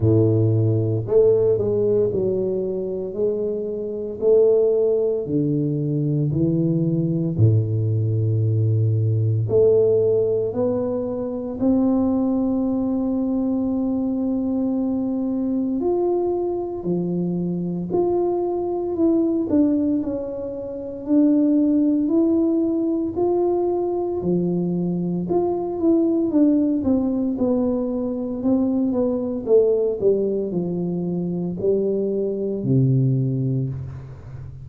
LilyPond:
\new Staff \with { instrumentName = "tuba" } { \time 4/4 \tempo 4 = 57 a,4 a8 gis8 fis4 gis4 | a4 d4 e4 a,4~ | a,4 a4 b4 c'4~ | c'2. f'4 |
f4 f'4 e'8 d'8 cis'4 | d'4 e'4 f'4 f4 | f'8 e'8 d'8 c'8 b4 c'8 b8 | a8 g8 f4 g4 c4 | }